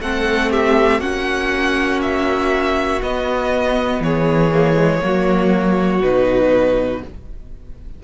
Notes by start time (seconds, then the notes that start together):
0.00 A3 C4 A4 F#5
0.50 G4 E5
1.00 A#3 C#4 F#4 F#5
2.01 E5
3.02 B3 D#5
4.00 E3 G#4 C#5
4.52 A#3
4.74 G#3
5.01 F#3 A#3 F#4
6.01 B2 D#4 B4